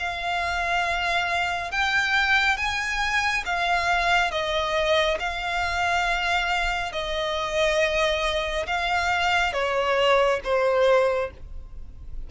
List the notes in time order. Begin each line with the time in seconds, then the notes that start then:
0.00 F5
1.72 G5
2.57 G#5
3.46 F5
4.31 D#5
5.20 F5
6.93 D#5
8.67 F5
9.54 C#5
10.44 C5